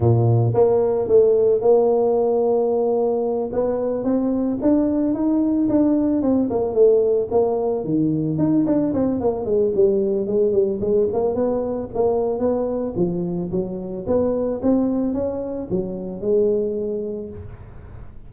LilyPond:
\new Staff \with { instrumentName = "tuba" } { \time 4/4 \tempo 4 = 111 ais,4 ais4 a4 ais4~ | ais2~ ais8 b4 c'8~ | c'8 d'4 dis'4 d'4 c'8 | ais8 a4 ais4 dis4 dis'8 |
d'8 c'8 ais8 gis8 g4 gis8 g8 | gis8 ais8 b4 ais4 b4 | f4 fis4 b4 c'4 | cis'4 fis4 gis2 | }